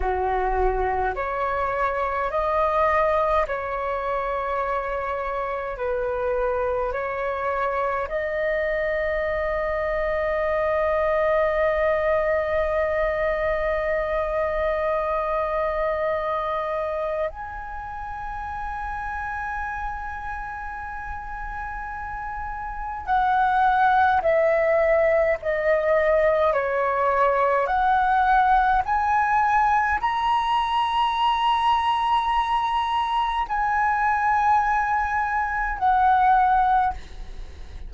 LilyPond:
\new Staff \with { instrumentName = "flute" } { \time 4/4 \tempo 4 = 52 fis'4 cis''4 dis''4 cis''4~ | cis''4 b'4 cis''4 dis''4~ | dis''1~ | dis''2. gis''4~ |
gis''1 | fis''4 e''4 dis''4 cis''4 | fis''4 gis''4 ais''2~ | ais''4 gis''2 fis''4 | }